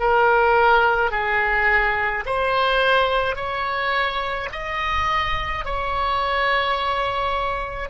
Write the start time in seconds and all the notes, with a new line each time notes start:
0.00 A#4
1.11 G#4
2.26 C5
3.36 C#5
4.53 D#5
5.66 C#5